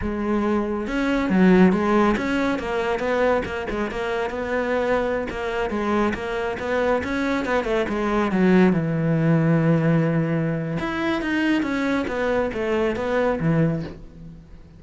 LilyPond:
\new Staff \with { instrumentName = "cello" } { \time 4/4 \tempo 4 = 139 gis2 cis'4 fis4 | gis4 cis'4 ais4 b4 | ais8 gis8 ais4 b2~ | b16 ais4 gis4 ais4 b8.~ |
b16 cis'4 b8 a8 gis4 fis8.~ | fis16 e2.~ e8.~ | e4 e'4 dis'4 cis'4 | b4 a4 b4 e4 | }